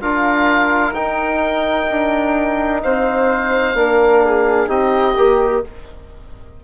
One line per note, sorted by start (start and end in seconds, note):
0.00 0.92 D4
0.00 0.94 F4
0.00 2.83 A#4
0.00 0.94 F5
0.92 1.86 D#4
0.92 3.75 D#4
0.92 2.81 G5
1.90 2.83 D4
2.83 3.74 C4
2.83 3.77 C5
2.83 4.69 F5
3.74 4.67 A#3
3.74 4.67 D4
3.74 4.25 A#4
4.25 4.69 G#4
4.67 5.15 C4
4.67 5.14 D#4
4.67 5.63 G4
4.67 5.63 D#5
5.16 5.63 A#3
5.16 5.64 G4